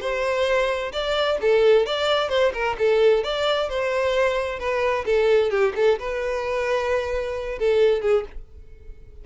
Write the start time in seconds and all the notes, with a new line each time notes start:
0.00 C5
0.92 D5
1.41 A4
1.86 D5
2.29 C5
2.53 A#4
2.78 A4
3.23 D5
3.69 C5
4.59 B4
5.05 A4
5.50 G4
5.75 A4
5.99 B4
7.58 A4
8.01 G#4